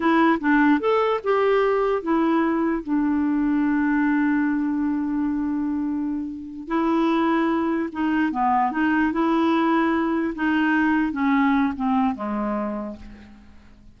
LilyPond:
\new Staff \with { instrumentName = "clarinet" } { \time 4/4 \tempo 4 = 148 e'4 d'4 a'4 g'4~ | g'4 e'2 d'4~ | d'1~ | d'1~ |
d'8 e'2. dis'8~ | dis'8 b4 dis'4 e'4.~ | e'4. dis'2 cis'8~ | cis'4 c'4 gis2 | }